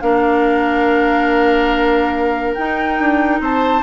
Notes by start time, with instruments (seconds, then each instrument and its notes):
0.00 bassoon A#3, clarinet D4, oboe A#4, flute F5
2.54 clarinet D#4, bassoon D#4, flute G5
2.99 bassoon D4
3.40 bassoon C4, oboe C5, flute A5